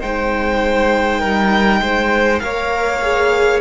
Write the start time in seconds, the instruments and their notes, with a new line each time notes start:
0.00 cello G#3, viola D#4, violin C5 G5
1.20 cello G3, violin A#4
1.81 cello G#3, violin C5
2.40 cello A#3, viola A#4, violin C#5 F5
3.02 viola G#4